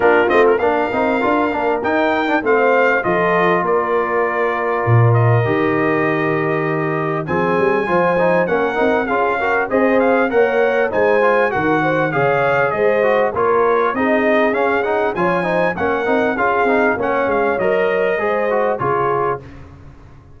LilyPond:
<<
  \new Staff \with { instrumentName = "trumpet" } { \time 4/4 \tempo 4 = 99 ais'8 dis''16 ais'16 f''2 g''4 | f''4 dis''4 d''2~ | d''8 dis''2.~ dis''8 | gis''2 fis''4 f''4 |
dis''8 f''8 fis''4 gis''4 fis''4 | f''4 dis''4 cis''4 dis''4 | f''8 fis''8 gis''4 fis''4 f''4 | fis''8 f''8 dis''2 cis''4 | }
  \new Staff \with { instrumentName = "horn" } { \time 4/4 f'4 ais'2. | c''4 a'4 ais'2~ | ais'1 | gis'4 c''4 ais'4 gis'8 ais'8 |
c''4 cis''4 c''4 ais'8 c''8 | cis''4 c''4 ais'4 gis'4~ | gis'4 cis''8 c''8 ais'4 gis'4 | cis''2 c''4 gis'4 | }
  \new Staff \with { instrumentName = "trombone" } { \time 4/4 d'8 c'8 d'8 dis'8 f'8 d'8 dis'8. d'16 | c'4 f'2.~ | f'4 g'2. | c'4 f'8 dis'8 cis'8 dis'8 f'8 fis'8 |
gis'4 ais'4 dis'8 f'8 fis'4 | gis'4. fis'8 f'4 dis'4 | cis'8 dis'8 f'8 dis'8 cis'8 dis'8 f'8 dis'8 | cis'4 ais'4 gis'8 fis'8 f'4 | }
  \new Staff \with { instrumentName = "tuba" } { \time 4/4 ais8 a8 ais8 c'8 d'8 ais8 dis'4 | a4 f4 ais2 | ais,4 dis2. | f8 g8 f4 ais8 c'8 cis'4 |
c'4 ais4 gis4 dis4 | cis4 gis4 ais4 c'4 | cis'4 f4 ais8 c'8 cis'8 c'8 | ais8 gis8 fis4 gis4 cis4 | }
>>